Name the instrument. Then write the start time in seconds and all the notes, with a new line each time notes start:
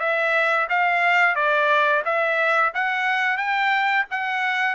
trumpet
0.00 E5
0.70 F5
1.35 D5
2.05 E5
2.74 F#5
3.38 G5
4.11 F#5